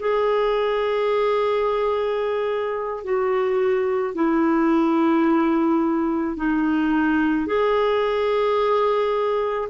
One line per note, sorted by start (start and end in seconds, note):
0.00 3.04 G#4
3.04 4.15 F#4
4.15 6.37 E4
6.37 7.47 D#4
7.47 9.69 G#4